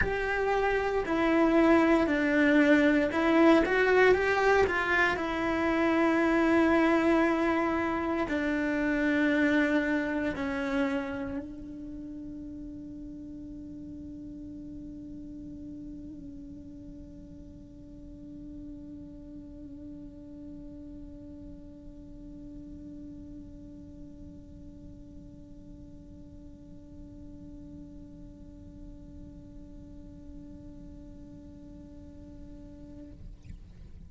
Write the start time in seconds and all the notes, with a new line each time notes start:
0.00 G4
1.05 E4
2.06 D4
3.12 E4
3.65 F#4
4.14 G4
4.66 F4
5.16 E4
8.28 D4
10.35 C#4
11.38 D4